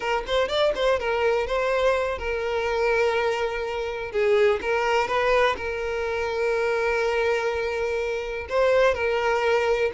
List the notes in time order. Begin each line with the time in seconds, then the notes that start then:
0.00 A#4
0.26 C5
0.48 D5
0.75 C5
0.99 A#4
1.46 C5
2.18 A#4
4.11 G#4
4.61 A#4
5.07 B4
5.56 A#4
8.49 C5
8.94 A#4